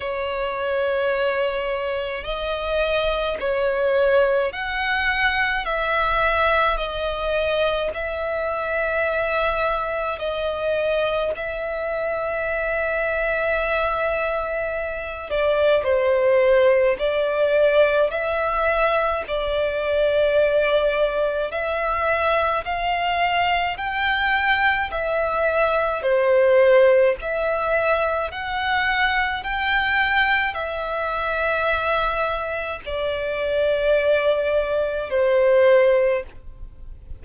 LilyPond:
\new Staff \with { instrumentName = "violin" } { \time 4/4 \tempo 4 = 53 cis''2 dis''4 cis''4 | fis''4 e''4 dis''4 e''4~ | e''4 dis''4 e''2~ | e''4. d''8 c''4 d''4 |
e''4 d''2 e''4 | f''4 g''4 e''4 c''4 | e''4 fis''4 g''4 e''4~ | e''4 d''2 c''4 | }